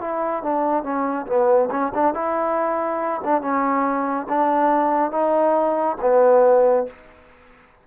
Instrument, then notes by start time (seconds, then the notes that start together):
trombone
0.00 E4
0.42 D4
0.83 C#4
1.26 B3
1.71 C#4
1.94 D4
2.14 E4
3.24 D4
3.41 C#4
4.29 D4
5.11 D#4
6.01 B3